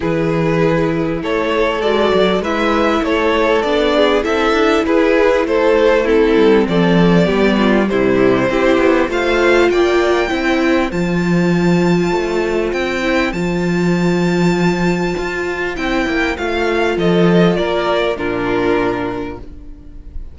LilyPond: <<
  \new Staff \with { instrumentName = "violin" } { \time 4/4 \tempo 4 = 99 b'2 cis''4 d''4 | e''4 cis''4 d''4 e''4 | b'4 c''4 a'4 d''4~ | d''4 c''2 f''4 |
g''2 a''2~ | a''4 g''4 a''2~ | a''2 g''4 f''4 | dis''4 d''4 ais'2 | }
  \new Staff \with { instrumentName = "violin" } { \time 4/4 gis'2 a'2 | b'4 a'4. gis'8 a'4 | gis'4 a'4 e'4 a'4 | g'8 f'8 e'4 g'4 c''4 |
d''4 c''2.~ | c''1~ | c''1 | a'4 ais'4 f'2 | }
  \new Staff \with { instrumentName = "viola" } { \time 4/4 e'2. fis'4 | e'2 d'4 e'4~ | e'2 c'2 | b4 g4 e'4 f'4~ |
f'4 e'4 f'2~ | f'4. e'8 f'2~ | f'2 e'4 f'4~ | f'2 d'2 | }
  \new Staff \with { instrumentName = "cello" } { \time 4/4 e2 a4 gis8 fis8 | gis4 a4 b4 c'8 d'8 | e'4 a4. g8 f4 | g4 c4 c'8 b8 a4 |
ais4 c'4 f2 | a4 c'4 f2~ | f4 f'4 c'8 ais8 a4 | f4 ais4 ais,2 | }
>>